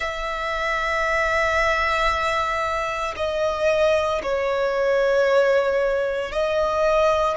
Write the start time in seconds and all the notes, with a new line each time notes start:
0.00 E5
3.16 D#5
4.22 C#5
6.32 D#5